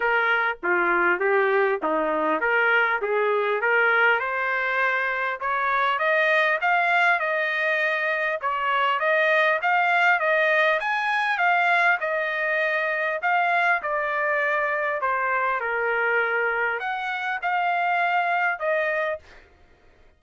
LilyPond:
\new Staff \with { instrumentName = "trumpet" } { \time 4/4 \tempo 4 = 100 ais'4 f'4 g'4 dis'4 | ais'4 gis'4 ais'4 c''4~ | c''4 cis''4 dis''4 f''4 | dis''2 cis''4 dis''4 |
f''4 dis''4 gis''4 f''4 | dis''2 f''4 d''4~ | d''4 c''4 ais'2 | fis''4 f''2 dis''4 | }